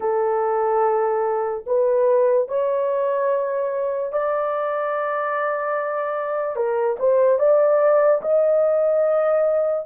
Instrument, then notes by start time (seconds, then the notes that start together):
horn
0.00 A4
1.66 B4
2.48 C#5
4.12 D5
6.55 A#4
6.99 C5
7.39 D5
8.21 D#5